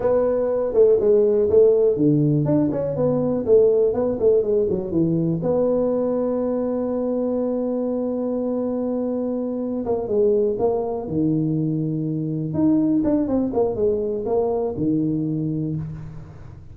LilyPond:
\new Staff \with { instrumentName = "tuba" } { \time 4/4 \tempo 4 = 122 b4. a8 gis4 a4 | d4 d'8 cis'8 b4 a4 | b8 a8 gis8 fis8 e4 b4~ | b1~ |
b1 | ais8 gis4 ais4 dis4.~ | dis4. dis'4 d'8 c'8 ais8 | gis4 ais4 dis2 | }